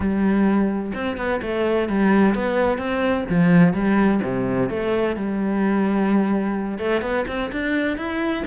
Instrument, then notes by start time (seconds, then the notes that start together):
cello
0.00 G3
0.94 C4
1.17 B3
1.42 A3
1.88 G3
2.34 B3
2.78 C4
3.29 F3
3.73 G3
4.22 C3
4.69 A3
5.15 G3
6.78 A3
7.01 B3
7.27 C4
7.51 D4
7.97 E4